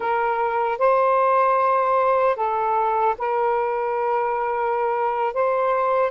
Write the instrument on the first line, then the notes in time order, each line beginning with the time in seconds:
saxophone
0.00 A#4
0.78 C5
2.36 A4
3.18 A#4
5.33 C5